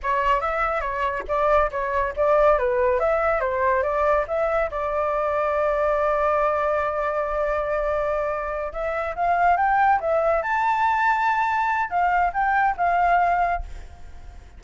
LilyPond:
\new Staff \with { instrumentName = "flute" } { \time 4/4 \tempo 4 = 141 cis''4 e''4 cis''4 d''4 | cis''4 d''4 b'4 e''4 | c''4 d''4 e''4 d''4~ | d''1~ |
d''1~ | d''8 e''4 f''4 g''4 e''8~ | e''8 a''2.~ a''8 | f''4 g''4 f''2 | }